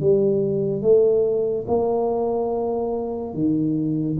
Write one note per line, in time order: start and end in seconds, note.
0.00 0.82 G3
0.82 1.65 A3
1.67 3.34 A#3
3.34 4.17 D#3